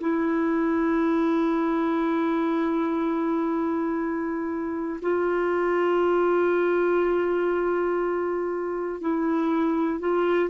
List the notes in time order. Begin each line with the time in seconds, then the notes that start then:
0.00 E4
5.01 F4
9.00 E4
9.99 F4